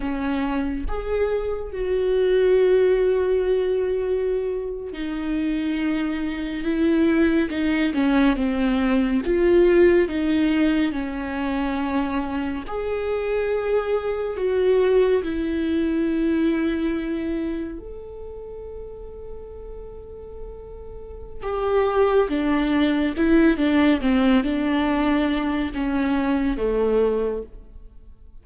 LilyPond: \new Staff \with { instrumentName = "viola" } { \time 4/4 \tempo 4 = 70 cis'4 gis'4 fis'2~ | fis'4.~ fis'16 dis'2 e'16~ | e'8. dis'8 cis'8 c'4 f'4 dis'16~ | dis'8. cis'2 gis'4~ gis'16~ |
gis'8. fis'4 e'2~ e'16~ | e'8. a'2.~ a'16~ | a'4 g'4 d'4 e'8 d'8 | c'8 d'4. cis'4 a4 | }